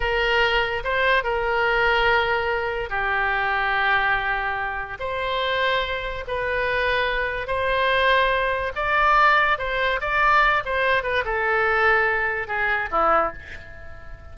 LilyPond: \new Staff \with { instrumentName = "oboe" } { \time 4/4 \tempo 4 = 144 ais'2 c''4 ais'4~ | ais'2. g'4~ | g'1 | c''2. b'4~ |
b'2 c''2~ | c''4 d''2 c''4 | d''4. c''4 b'8 a'4~ | a'2 gis'4 e'4 | }